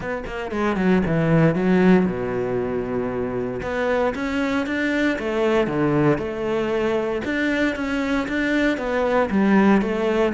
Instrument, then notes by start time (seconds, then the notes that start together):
cello
0.00 B3
0.26 A#3
0.51 G#3
0.76 F#3
1.06 E3
1.55 F#3
2.05 B2
3.62 B3
4.14 C#4
4.66 D4
5.18 A3
5.67 D3
6.18 A3
7.24 D4
7.75 C#4
8.28 D4
8.77 B3
9.30 G3
9.81 A3